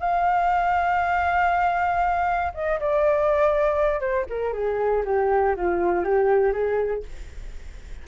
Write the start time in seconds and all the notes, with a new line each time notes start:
0.00 F5
2.54 D#5
2.80 D5
4.00 C5
4.29 A#4
4.53 G#4
5.05 G4
5.56 F4
6.04 G4
6.52 G#4